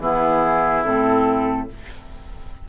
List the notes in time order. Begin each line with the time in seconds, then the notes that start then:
0.00 E3 B3 E4 G#4
0.85 A2 C4 A4